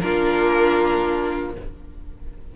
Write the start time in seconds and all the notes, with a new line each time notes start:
0.00 A#3 D4 F4 A#4